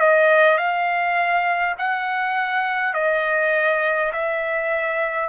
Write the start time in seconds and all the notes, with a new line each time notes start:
0.00 D#5
0.58 F5
1.78 F#5
2.94 D#5
4.12 E5